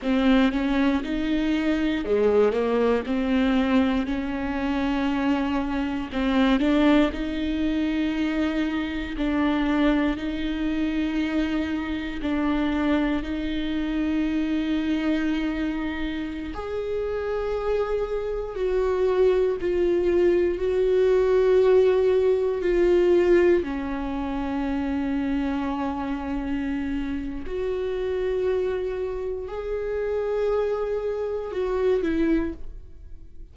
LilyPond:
\new Staff \with { instrumentName = "viola" } { \time 4/4 \tempo 4 = 59 c'8 cis'8 dis'4 gis8 ais8 c'4 | cis'2 c'8 d'8 dis'4~ | dis'4 d'4 dis'2 | d'4 dis'2.~ |
dis'16 gis'2 fis'4 f'8.~ | f'16 fis'2 f'4 cis'8.~ | cis'2. fis'4~ | fis'4 gis'2 fis'8 e'8 | }